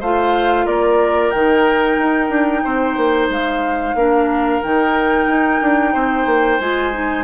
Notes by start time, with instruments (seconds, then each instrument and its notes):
0.00 bassoon A3, clarinet F4, oboe C5, flute F5
0.65 bassoon A#3, oboe A#4, flute D5
1.30 bassoon D#3, clarinet D#4, flute G5
1.98 bassoon D#4
2.29 bassoon D4
2.64 bassoon C4, oboe C5
2.97 bassoon A#3
3.29 bassoon G#3, flute F5
3.95 bassoon A#3, clarinet D4, oboe A#4
4.63 bassoon D#3, clarinet D#4, flute G5
5.27 bassoon D#4
5.61 bassoon D4
5.93 bassoon C4, oboe C5
6.26 bassoon A#3
6.60 bassoon G#3, clarinet F4, flute G#5
6.93 clarinet D#4